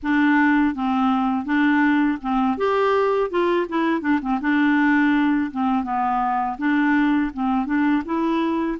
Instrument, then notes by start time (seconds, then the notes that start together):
clarinet
0.03 D4
0.75 C4
1.45 D4
2.22 C4
2.57 G4
3.30 F4
3.68 E4
4.01 D4
4.21 C4
4.41 D4
5.51 C4
5.83 B3
6.58 D4
7.33 C4
7.66 D4
8.05 E4